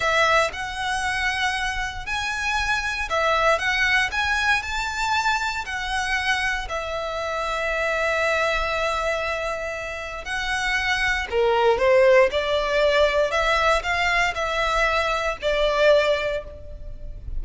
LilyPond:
\new Staff \with { instrumentName = "violin" } { \time 4/4 \tempo 4 = 117 e''4 fis''2. | gis''2 e''4 fis''4 | gis''4 a''2 fis''4~ | fis''4 e''2.~ |
e''1 | fis''2 ais'4 c''4 | d''2 e''4 f''4 | e''2 d''2 | }